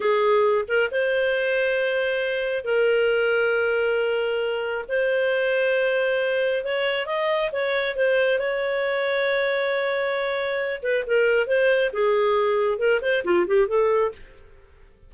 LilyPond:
\new Staff \with { instrumentName = "clarinet" } { \time 4/4 \tempo 4 = 136 gis'4. ais'8 c''2~ | c''2 ais'2~ | ais'2. c''4~ | c''2. cis''4 |
dis''4 cis''4 c''4 cis''4~ | cis''1~ | cis''8 b'8 ais'4 c''4 gis'4~ | gis'4 ais'8 c''8 f'8 g'8 a'4 | }